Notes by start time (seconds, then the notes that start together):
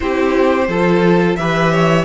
0.00 C4 E4 G4 C5
0.68 F3 F4 A4
1.35 E3 G4 B4 E5
1.72 C#5